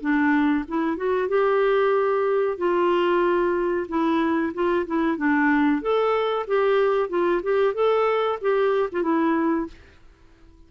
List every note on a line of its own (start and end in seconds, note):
0.00 0.65 D4
0.68 0.96 E4
0.96 1.28 F#4
1.28 2.57 G4
2.57 3.87 F4
3.88 4.52 E4
4.54 4.86 F4
4.86 5.17 E4
5.17 5.81 D4
5.81 6.46 A4
6.47 7.09 G4
7.09 7.41 F4
7.43 7.74 G4
7.74 8.38 A4
8.41 8.89 G4
8.91 9.02 F4
9.02 9.67 E4